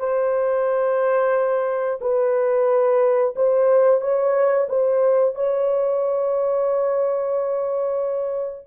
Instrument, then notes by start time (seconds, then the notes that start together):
horn
0.00 C5
2.01 B4
3.36 C5
4.01 C#5
4.69 C5
5.35 C#5